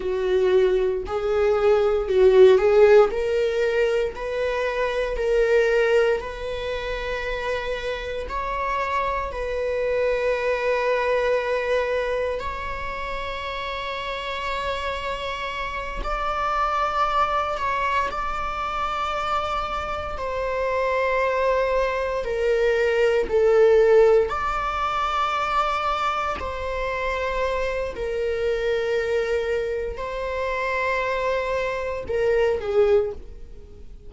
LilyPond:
\new Staff \with { instrumentName = "viola" } { \time 4/4 \tempo 4 = 58 fis'4 gis'4 fis'8 gis'8 ais'4 | b'4 ais'4 b'2 | cis''4 b'2. | cis''2.~ cis''8 d''8~ |
d''4 cis''8 d''2 c''8~ | c''4. ais'4 a'4 d''8~ | d''4. c''4. ais'4~ | ais'4 c''2 ais'8 gis'8 | }